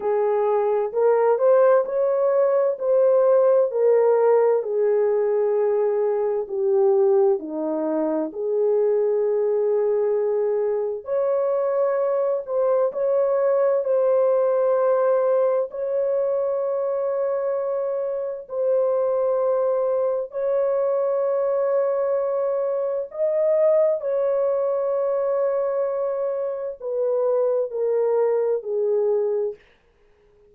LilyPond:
\new Staff \with { instrumentName = "horn" } { \time 4/4 \tempo 4 = 65 gis'4 ais'8 c''8 cis''4 c''4 | ais'4 gis'2 g'4 | dis'4 gis'2. | cis''4. c''8 cis''4 c''4~ |
c''4 cis''2. | c''2 cis''2~ | cis''4 dis''4 cis''2~ | cis''4 b'4 ais'4 gis'4 | }